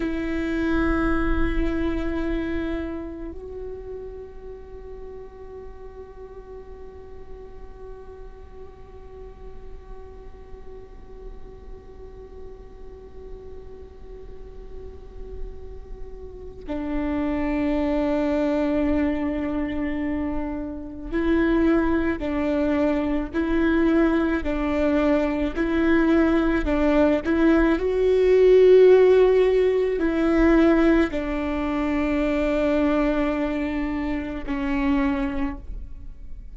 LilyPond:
\new Staff \with { instrumentName = "viola" } { \time 4/4 \tempo 4 = 54 e'2. fis'4~ | fis'1~ | fis'1~ | fis'2. d'4~ |
d'2. e'4 | d'4 e'4 d'4 e'4 | d'8 e'8 fis'2 e'4 | d'2. cis'4 | }